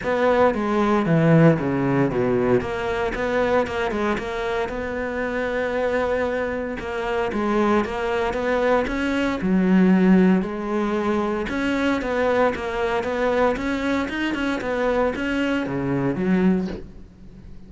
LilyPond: \new Staff \with { instrumentName = "cello" } { \time 4/4 \tempo 4 = 115 b4 gis4 e4 cis4 | b,4 ais4 b4 ais8 gis8 | ais4 b2.~ | b4 ais4 gis4 ais4 |
b4 cis'4 fis2 | gis2 cis'4 b4 | ais4 b4 cis'4 dis'8 cis'8 | b4 cis'4 cis4 fis4 | }